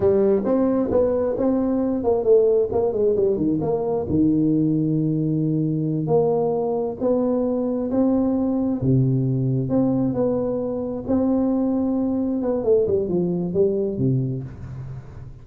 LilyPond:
\new Staff \with { instrumentName = "tuba" } { \time 4/4 \tempo 4 = 133 g4 c'4 b4 c'4~ | c'8 ais8 a4 ais8 gis8 g8 dis8 | ais4 dis2.~ | dis4. ais2 b8~ |
b4. c'2 c8~ | c4. c'4 b4.~ | b8 c'2. b8 | a8 g8 f4 g4 c4 | }